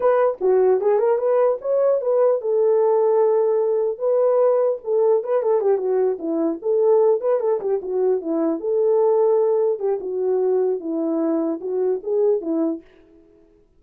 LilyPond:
\new Staff \with { instrumentName = "horn" } { \time 4/4 \tempo 4 = 150 b'4 fis'4 gis'8 ais'8 b'4 | cis''4 b'4 a'2~ | a'2 b'2 | a'4 b'8 a'8 g'8 fis'4 e'8~ |
e'8 a'4. b'8 a'8 g'8 fis'8~ | fis'8 e'4 a'2~ a'8~ | a'8 g'8 fis'2 e'4~ | e'4 fis'4 gis'4 e'4 | }